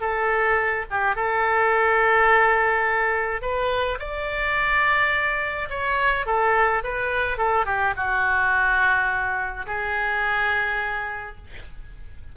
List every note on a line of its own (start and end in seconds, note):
0.00 0.85 A4
0.90 1.15 G4
1.15 3.41 A4
3.41 3.98 B4
3.99 5.69 D5
5.69 6.26 C#5
6.26 6.82 A4
6.83 7.37 B4
7.37 7.65 A4
7.65 7.94 G4
7.96 9.66 F#4
9.66 11.36 G#4